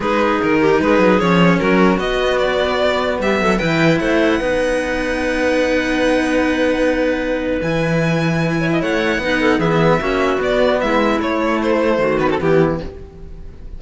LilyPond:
<<
  \new Staff \with { instrumentName = "violin" } { \time 4/4 \tempo 4 = 150 b'4 ais'4 b'4 cis''4 | ais'4 dis''4 d''2 | e''4 g''4 fis''2~ | fis''1~ |
fis''2. gis''4~ | gis''2 fis''2 | e''2 d''4 e''4 | cis''4 c''4. b'16 a'16 g'4 | }
  \new Staff \with { instrumentName = "clarinet" } { \time 4/4 gis'4. g'8 gis'2 | fis'1 | g'8 a'8 b'4 c''4 b'4~ | b'1~ |
b'1~ | b'4. cis''16 dis''16 cis''4 b'8 a'8 | gis'4 fis'2 e'4~ | e'2 fis'4 e'4 | }
  \new Staff \with { instrumentName = "cello" } { \time 4/4 dis'2. cis'4~ | cis'4 b2.~ | b4 e'2 dis'4~ | dis'1~ |
dis'2. e'4~ | e'2. dis'4 | b4 cis'4 b2 | a2~ a8 b16 c'16 b4 | }
  \new Staff \with { instrumentName = "cello" } { \time 4/4 gis4 dis4 gis8 fis8 f4 | fis4 b2. | g8 fis8 e4 a4 b4~ | b1~ |
b2. e4~ | e2 a4 b4 | e4 ais4 b4 gis4 | a2 dis4 e4 | }
>>